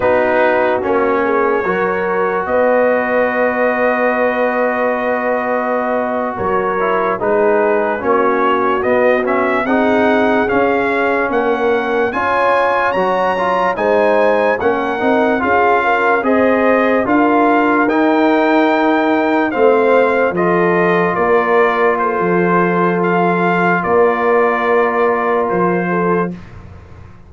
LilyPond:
<<
  \new Staff \with { instrumentName = "trumpet" } { \time 4/4 \tempo 4 = 73 b'4 cis''2 dis''4~ | dis''2.~ dis''8. cis''16~ | cis''8. b'4 cis''4 dis''8 e''8 fis''16~ | fis''8. f''4 fis''4 gis''4 ais''16~ |
ais''8. gis''4 fis''4 f''4 dis''16~ | dis''8. f''4 g''2 f''16~ | f''8. dis''4 d''4 c''4~ c''16 | f''4 d''2 c''4 | }
  \new Staff \with { instrumentName = "horn" } { \time 4/4 fis'4. gis'8 ais'4 b'4~ | b'2.~ b'8. ais'16~ | ais'8. gis'4 fis'2 gis'16~ | gis'4.~ gis'16 ais'4 cis''4~ cis''16~ |
cis''8. c''4 ais'4 gis'8 ais'8 c''16~ | c''8. ais'2. c''16~ | c''8. a'4 ais'4 a'4~ a'16~ | a'4 ais'2~ ais'8 a'8 | }
  \new Staff \with { instrumentName = "trombone" } { \time 4/4 dis'4 cis'4 fis'2~ | fis'1~ | fis'16 e'8 dis'4 cis'4 b8 cis'8 dis'16~ | dis'8. cis'2 f'4 fis'16~ |
fis'16 f'8 dis'4 cis'8 dis'8 f'4 gis'16~ | gis'8. f'4 dis'2 c'16~ | c'8. f'2.~ f'16~ | f'1 | }
  \new Staff \with { instrumentName = "tuba" } { \time 4/4 b4 ais4 fis4 b4~ | b2.~ b8. fis16~ | fis8. gis4 ais4 b4 c'16~ | c'8. cis'4 ais4 cis'4 fis16~ |
fis8. gis4 ais8 c'8 cis'4 c'16~ | c'8. d'4 dis'2 a16~ | a8. f4 ais4~ ais16 f4~ | f4 ais2 f4 | }
>>